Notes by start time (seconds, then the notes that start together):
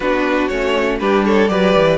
0.00 B3 D4 F#4 B4
0.48 A3 C#4 C#5
0.99 G3 D4 G4 B4
1.25 A4 C#5
1.48 F#3 G4 B4 D5
1.77 E3